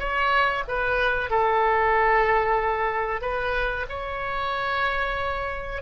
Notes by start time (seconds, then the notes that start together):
0.00 C#5
0.68 B4
1.31 A4
3.22 B4
3.90 C#5